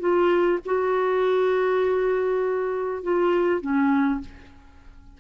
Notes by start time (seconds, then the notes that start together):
0.00 F4
0.66 F#4
3.03 F4
3.61 C#4